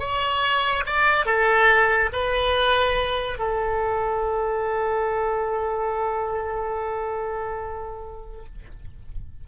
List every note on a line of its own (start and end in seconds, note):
0.00 0.84 C#5
0.86 1.26 D5
1.26 2.10 A4
2.13 3.39 B4
3.39 8.46 A4